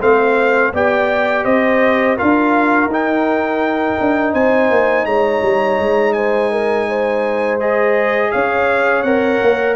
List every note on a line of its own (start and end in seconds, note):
0.00 0.73 A3
0.00 0.73 C4
0.00 0.72 C5
0.00 0.74 F5
0.73 1.45 B3
0.73 2.17 G4
0.73 1.44 D5
0.73 1.44 G5
1.44 2.18 C4
1.44 2.16 C5
1.44 2.17 D#5
2.16 2.86 D4
2.16 2.90 F4
2.16 4.33 A#4
2.16 2.90 F5
2.86 3.94 D#4
2.86 7.60 D#4
2.93 4.34 G5
4.00 4.34 D4
4.33 4.70 C4
4.33 5.05 C5
4.33 5.05 G#5
4.70 5.05 A#3
5.05 5.41 G#3
5.05 6.14 C#5
5.05 6.13 A#5
5.42 5.78 G3
5.78 8.31 G#3
6.13 6.51 C5
6.13 7.57 G#5
6.51 6.87 A#4
6.89 8.31 C5
7.60 9.05 G#4
7.60 8.31 D#5
8.31 9.03 C#4
8.31 9.76 C#5
8.31 9.02 F5
9.02 9.39 C4
9.02 9.76 A#4
9.02 9.75 F#5
9.42 9.76 A#3